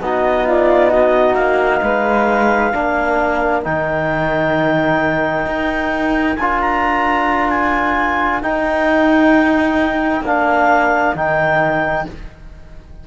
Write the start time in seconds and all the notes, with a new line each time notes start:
0.00 B3 D#4 F#4 D#5
0.45 F4 D5
0.89 F#4 D#5
1.34 A#3 F5
1.82 G#3 B4
2.72 A#3 D4 A#4
3.63 D#3 D#4 G5
5.46 D#4
6.36 D4 F4 G#5
6.60 A#5
7.50 G#5
8.42 D#4 G5
10.21 A#3 D4 F5
11.15 D#3 D#4 G5